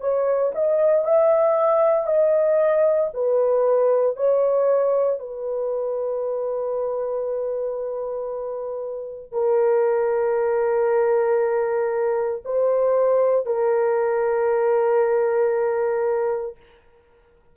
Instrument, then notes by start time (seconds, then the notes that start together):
horn
0.00 C#5
0.54 D#5
1.04 E5
2.06 D#5
3.13 B4
4.16 C#5
5.19 B4
9.32 A#4
12.45 C5
13.46 A#4